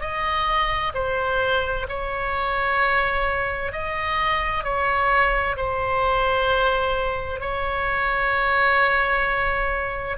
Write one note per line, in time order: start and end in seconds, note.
0.00 0.92 D#5
0.94 1.86 C5
1.88 3.72 C#5
3.72 4.63 D#5
4.63 5.56 C#5
5.56 7.40 C5
7.40 10.17 C#5